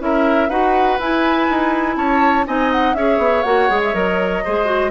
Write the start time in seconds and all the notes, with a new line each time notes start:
0.00 C#4 E4 A#4 E5
0.49 D#4 F#4 B4 F#5
0.99 E4 G#5
1.50 D#4
1.96 C#4 C#5 A5
2.46 C4 D#4 D#5 G#5
2.72 F#5
2.95 C#4 G#4 C#5 E5
3.19 B3
3.43 A#3 F#4 F#5
3.69 G#3 G#4
3.84 E5
3.94 F#3 A#4 D#5
4.45 G#3 G#4 C5
4.66 F#4